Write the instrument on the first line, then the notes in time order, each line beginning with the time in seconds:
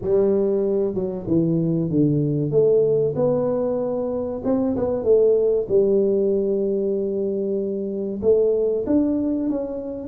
tuba
0.01 G3
0.94 F#3
1.27 E3
1.90 D3
2.51 A3
3.16 B3
4.44 C4
4.76 B3
5.03 A3
5.68 G3
8.22 A3
8.86 D4
9.49 C#4